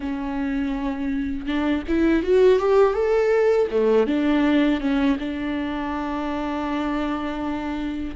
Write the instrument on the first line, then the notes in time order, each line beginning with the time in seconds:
viola
0.00 C#4
1.45 D4
1.88 E4
2.23 F#4
2.59 G4
2.93 A4
3.70 A3
4.06 D4
4.80 C#4
5.19 D4